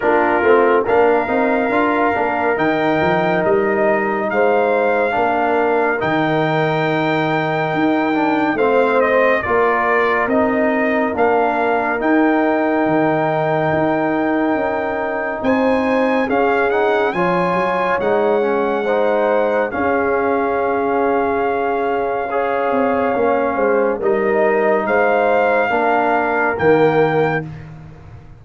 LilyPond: <<
  \new Staff \with { instrumentName = "trumpet" } { \time 4/4 \tempo 4 = 70 ais'4 f''2 g''4 | dis''4 f''2 g''4~ | g''2 f''8 dis''8 d''4 | dis''4 f''4 g''2~ |
g''2 gis''4 f''8 fis''8 | gis''4 fis''2 f''4~ | f''1 | dis''4 f''2 g''4 | }
  \new Staff \with { instrumentName = "horn" } { \time 4/4 f'4 ais'2.~ | ais'4 c''4 ais'2~ | ais'2 c''4 ais'4~ | ais'1~ |
ais'2 c''4 gis'4 | cis''2 c''4 gis'4~ | gis'2 cis''4. c''8 | ais'4 c''4 ais'2 | }
  \new Staff \with { instrumentName = "trombone" } { \time 4/4 d'8 c'8 d'8 dis'8 f'8 d'8 dis'4~ | dis'2 d'4 dis'4~ | dis'4. d'8 c'4 f'4 | dis'4 d'4 dis'2~ |
dis'2. cis'8 dis'8 | f'4 dis'8 cis'8 dis'4 cis'4~ | cis'2 gis'4 cis'4 | dis'2 d'4 ais4 | }
  \new Staff \with { instrumentName = "tuba" } { \time 4/4 ais8 a8 ais8 c'8 d'8 ais8 dis8 f8 | g4 gis4 ais4 dis4~ | dis4 dis'4 a4 ais4 | c'4 ais4 dis'4 dis4 |
dis'4 cis'4 c'4 cis'4 | f8 fis8 gis2 cis'4~ | cis'2~ cis'8 c'8 ais8 gis8 | g4 gis4 ais4 dis4 | }
>>